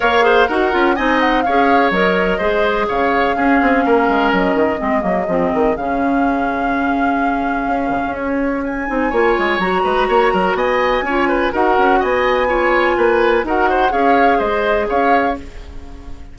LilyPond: <<
  \new Staff \with { instrumentName = "flute" } { \time 4/4 \tempo 4 = 125 f''4 fis''4 gis''8 fis''8 f''4 | dis''2 f''2~ | f''4 dis''2. | f''1~ |
f''4 cis''4 gis''2 | ais''2 gis''2 | fis''4 gis''2. | fis''4 f''4 dis''4 f''4 | }
  \new Staff \with { instrumentName = "oboe" } { \time 4/4 cis''8 c''8 ais'4 dis''4 cis''4~ | cis''4 c''4 cis''4 gis'4 | ais'2 gis'2~ | gis'1~ |
gis'2. cis''4~ | cis''8 b'8 cis''8 ais'8 dis''4 cis''8 b'8 | ais'4 dis''4 cis''4 b'4 | ais'8 c''8 cis''4 c''4 cis''4 | }
  \new Staff \with { instrumentName = "clarinet" } { \time 4/4 ais'8 gis'8 fis'8 f'8 dis'4 gis'4 | ais'4 gis'2 cis'4~ | cis'2 c'8 ais8 c'4 | cis'1~ |
cis'2~ cis'8 dis'8 f'4 | fis'2. f'4 | fis'2 f'2 | fis'4 gis'2. | }
  \new Staff \with { instrumentName = "bassoon" } { \time 4/4 ais4 dis'8 cis'8 c'4 cis'4 | fis4 gis4 cis4 cis'8 c'8 | ais8 gis8 fis8 dis8 gis8 fis8 f8 dis8 | cis1 |
cis'8 cis16 cis'4.~ cis'16 c'8 ais8 gis8 | fis8 gis8 ais8 fis8 b4 cis'4 | dis'8 cis'8 b2 ais4 | dis'4 cis'4 gis4 cis'4 | }
>>